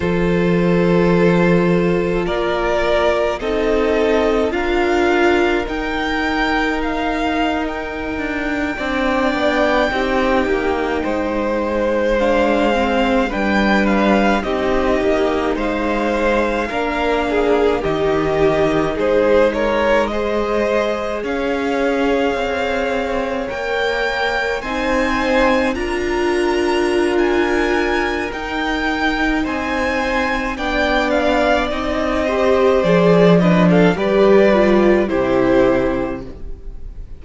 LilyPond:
<<
  \new Staff \with { instrumentName = "violin" } { \time 4/4 \tempo 4 = 53 c''2 d''4 dis''4 | f''4 g''4 f''8. g''4~ g''16~ | g''2~ g''8. f''4 g''16~ | g''16 f''8 dis''4 f''2 dis''16~ |
dis''8. c''8 cis''8 dis''4 f''4~ f''16~ | f''8. g''4 gis''4 ais''4~ ais''16 | gis''4 g''4 gis''4 g''8 f''8 | dis''4 d''8 dis''16 f''16 d''4 c''4 | }
  \new Staff \with { instrumentName = "violin" } { \time 4/4 a'2 ais'4 a'4 | ais'2.~ ais'8. d''16~ | d''8. g'4 c''2 b'16~ | b'8. g'4 c''4 ais'8 gis'8 g'16~ |
g'8. gis'8 ais'8 c''4 cis''4~ cis''16~ | cis''4.~ cis''16 c''4 ais'4~ ais'16~ | ais'2 c''4 d''4~ | d''8 c''4 b'16 a'16 b'4 g'4 | }
  \new Staff \with { instrumentName = "viola" } { \time 4/4 f'2. dis'4 | f'4 dis'2~ dis'8. d'16~ | d'8. dis'2 d'8 c'8 d'16~ | d'8. dis'2 d'4 dis'16~ |
dis'4.~ dis'16 gis'2~ gis'16~ | gis'8. ais'4 dis'4 f'4~ f'16~ | f'4 dis'2 d'4 | dis'8 g'8 gis'8 d'8 g'8 f'8 e'4 | }
  \new Staff \with { instrumentName = "cello" } { \time 4/4 f2 ais4 c'4 | d'4 dis'2~ dis'16 d'8 c'16~ | c'16 b8 c'8 ais8 gis2 g16~ | g8. c'8 ais8 gis4 ais4 dis16~ |
dis8. gis2 cis'4 c'16~ | c'8. ais4 c'4 d'4~ d'16~ | d'4 dis'4 c'4 b4 | c'4 f4 g4 c4 | }
>>